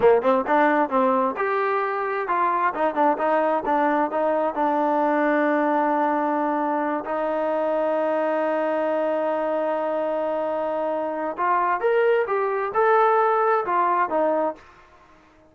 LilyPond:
\new Staff \with { instrumentName = "trombone" } { \time 4/4 \tempo 4 = 132 ais8 c'8 d'4 c'4 g'4~ | g'4 f'4 dis'8 d'8 dis'4 | d'4 dis'4 d'2~ | d'2.~ d'8 dis'8~ |
dis'1~ | dis'1~ | dis'4 f'4 ais'4 g'4 | a'2 f'4 dis'4 | }